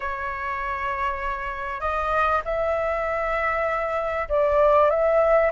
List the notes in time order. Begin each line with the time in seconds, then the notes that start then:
0.00 C#5
1.80 D#5
2.44 E5
4.29 D5
4.90 E5